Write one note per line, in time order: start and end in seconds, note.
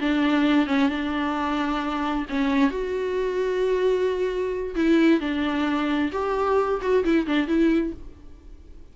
0.00 0.67 D4
0.67 0.89 C#4
0.89 2.26 D4
2.29 2.70 C#4
2.70 4.75 F#4
4.75 5.20 E4
5.20 6.11 D4
6.12 6.80 G4
6.81 7.04 F#4
7.04 7.26 E4
7.26 7.47 D4
7.47 7.93 E4